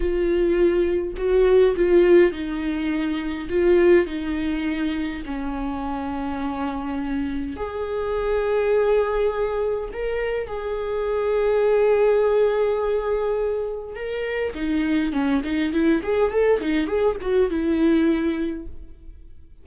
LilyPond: \new Staff \with { instrumentName = "viola" } { \time 4/4 \tempo 4 = 103 f'2 fis'4 f'4 | dis'2 f'4 dis'4~ | dis'4 cis'2.~ | cis'4 gis'2.~ |
gis'4 ais'4 gis'2~ | gis'1 | ais'4 dis'4 cis'8 dis'8 e'8 gis'8 | a'8 dis'8 gis'8 fis'8 e'2 | }